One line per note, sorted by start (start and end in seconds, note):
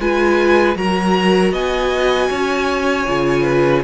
0.00 0.76 G#3
0.00 0.76 F4
0.00 0.78 B4
0.00 0.77 G#5
0.76 1.52 F#3
0.76 3.06 F#4
0.76 1.53 A#4
0.76 1.54 A#5
1.52 2.29 B3
1.52 2.30 D#5
1.52 3.84 G#5
2.30 3.07 C#4
2.30 3.43 C#5
3.07 3.84 C#3
3.07 3.84 F4
3.43 3.82 B4